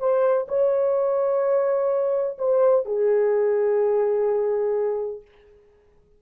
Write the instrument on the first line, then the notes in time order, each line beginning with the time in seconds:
horn
0.00 C5
0.49 C#5
2.39 C5
2.86 G#4